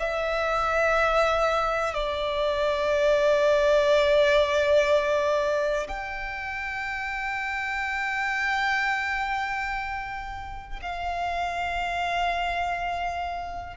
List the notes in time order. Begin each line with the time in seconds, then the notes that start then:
0.00 E5
1.94 D5
5.88 G5
10.82 F5